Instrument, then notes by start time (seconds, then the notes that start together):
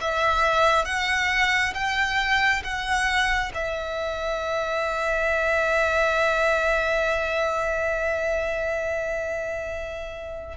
violin
0.00 E5
0.85 F#5
1.74 G5
2.63 F#5
3.54 E5